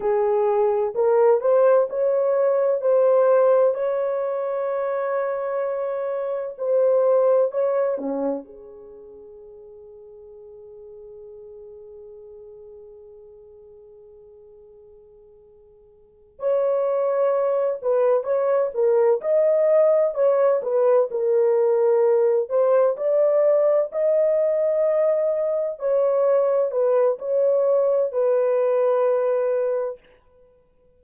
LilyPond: \new Staff \with { instrumentName = "horn" } { \time 4/4 \tempo 4 = 64 gis'4 ais'8 c''8 cis''4 c''4 | cis''2. c''4 | cis''8 cis'8 gis'2.~ | gis'1~ |
gis'4. cis''4. b'8 cis''8 | ais'8 dis''4 cis''8 b'8 ais'4. | c''8 d''4 dis''2 cis''8~ | cis''8 b'8 cis''4 b'2 | }